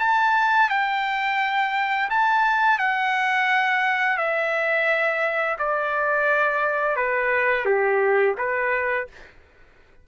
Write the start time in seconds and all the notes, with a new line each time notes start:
0.00 A5
0.70 G5
2.10 A5
2.79 F#5
4.18 E5
5.59 D5
6.97 B4
7.66 G4
8.38 B4